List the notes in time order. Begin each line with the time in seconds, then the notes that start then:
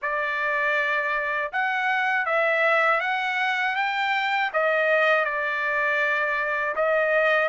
0.02 D5
1.52 F#5
2.25 E5
3.00 F#5
3.75 G5
4.53 D#5
5.25 D5
6.75 D#5